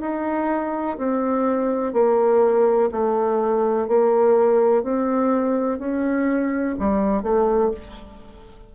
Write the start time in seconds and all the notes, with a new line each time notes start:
0.00 D#4
0.97 C4
1.93 A#3
2.91 A3
3.87 A#3
4.83 C4
5.78 C#4
6.79 G3
7.22 A3